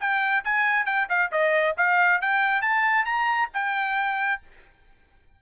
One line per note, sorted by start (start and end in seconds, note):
0.00 0.44 G5
0.45 0.86 G#5
0.86 1.08 G5
1.09 1.31 F5
1.32 1.76 D#5
1.77 2.21 F5
2.21 2.62 G5
2.62 3.06 A5
3.06 3.50 A#5
3.54 4.42 G5